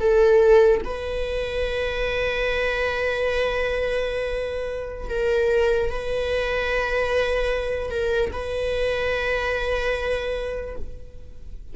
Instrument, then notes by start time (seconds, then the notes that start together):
viola
0.00 A4
0.84 B4
5.09 A#4
5.90 B4
7.90 A#4
8.32 B4